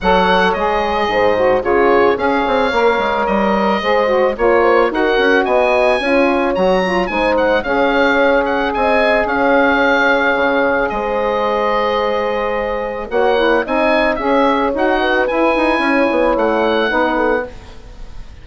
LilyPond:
<<
  \new Staff \with { instrumentName = "oboe" } { \time 4/4 \tempo 4 = 110 fis''4 dis''2 cis''4 | f''2 dis''2 | cis''4 fis''4 gis''2 | ais''4 gis''8 fis''8 f''4. fis''8 |
gis''4 f''2. | dis''1 | fis''4 gis''4 e''4 fis''4 | gis''2 fis''2 | }
  \new Staff \with { instrumentName = "horn" } { \time 4/4 cis''2 c''4 gis'4 | cis''2. c''4 | cis''8 c''8 ais'4 dis''4 cis''4~ | cis''4 c''4 cis''2 |
dis''4 cis''2. | c''1 | cis''4 dis''4 cis''4. b'8~ | b'4 cis''2 b'8 a'8 | }
  \new Staff \with { instrumentName = "saxophone" } { \time 4/4 a'4 gis'4. fis'8 f'4 | gis'4 ais'2 gis'8 fis'8 | f'4 fis'2 f'4 | fis'8 f'8 dis'4 gis'2~ |
gis'1~ | gis'1 | fis'8 e'8 dis'4 gis'4 fis'4 | e'2. dis'4 | }
  \new Staff \with { instrumentName = "bassoon" } { \time 4/4 fis4 gis4 gis,4 cis4 | cis'8 c'8 ais8 gis8 g4 gis4 | ais4 dis'8 cis'8 b4 cis'4 | fis4 gis4 cis'2 |
c'4 cis'2 cis4 | gis1 | ais4 c'4 cis'4 dis'4 | e'8 dis'8 cis'8 b8 a4 b4 | }
>>